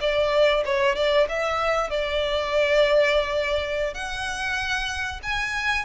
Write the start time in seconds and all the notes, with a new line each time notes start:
0.00 D5
0.65 C#5
0.95 D5
1.29 E5
1.90 D5
3.94 F#5
5.22 G#5